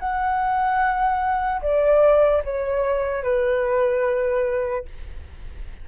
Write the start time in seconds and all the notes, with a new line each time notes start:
0.00 F#5
1.62 D5
2.45 C#5
3.24 B4